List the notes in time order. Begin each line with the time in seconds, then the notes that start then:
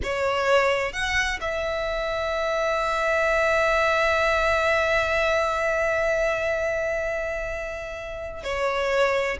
0.03 C#5
0.92 F#5
1.40 E5
8.43 C#5